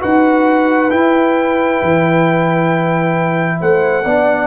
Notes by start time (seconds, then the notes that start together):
0.00 D#4 F#4 B4 F#5
0.90 E4 G5
1.82 E3
3.60 A3 C5 F#5
4.04 B3 D4 D5